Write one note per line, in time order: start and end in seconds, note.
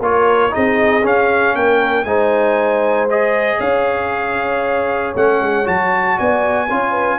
0.00 0.51 A#3
0.00 0.50 F4
0.00 0.53 A#4
0.00 0.54 C#5
0.50 1.04 C4
0.50 1.02 D#4
0.50 1.56 G#4
0.50 1.05 D#5
1.03 2.06 C#4
1.03 1.56 C#4
1.03 1.56 F5
1.56 2.04 A#3
1.56 2.06 A#4
1.56 2.04 G5
2.04 3.58 G#3
2.04 3.09 D#4
2.04 3.58 C5
2.04 3.07 G#5
3.10 5.15 G#4
3.10 3.60 D#5
3.58 5.14 C#4
3.58 6.15 C#5
3.58 5.14 F5
5.15 5.41 A3
5.15 5.65 C#4
5.15 5.68 F#5
5.41 5.67 G#3
5.65 6.19 F#3
5.65 6.68 F#4
5.65 6.19 A5
6.17 6.71 B3
6.17 6.68 D5
6.17 7.19 G#5
6.69 7.19 C#4
6.69 7.19 F4
6.69 6.91 C#5
6.91 7.17 B4